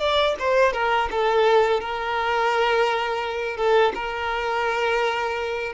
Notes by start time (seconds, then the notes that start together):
0.00 D5
0.40 C5
0.74 A#4
1.11 A4
1.81 A#4
3.57 A4
3.95 A#4